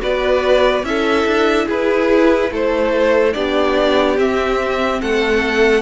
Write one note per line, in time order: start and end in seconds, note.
0.00 0.84 B3
0.00 0.83 F#4
0.00 0.85 B4
0.00 0.85 D5
0.84 1.25 C#4
0.84 3.34 E4
0.84 1.66 A4
0.84 1.68 E5
1.26 1.68 D4
1.66 2.51 E4
1.66 2.50 G#4
1.66 2.53 B4
2.51 3.35 A3
2.51 3.35 A4
2.51 3.34 C5
3.34 4.18 B3
3.34 4.17 D4
3.34 5.02 G4
3.34 4.17 D5
4.17 5.82 C4
4.17 5.02 C4
4.17 5.02 E5
5.02 5.82 A3
5.02 5.82 A4
5.02 5.82 F#5